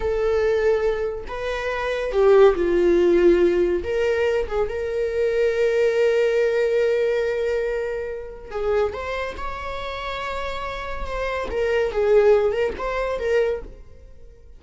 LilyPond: \new Staff \with { instrumentName = "viola" } { \time 4/4 \tempo 4 = 141 a'2. b'4~ | b'4 g'4 f'2~ | f'4 ais'4. gis'8 ais'4~ | ais'1~ |
ais'1 | gis'4 c''4 cis''2~ | cis''2 c''4 ais'4 | gis'4. ais'8 c''4 ais'4 | }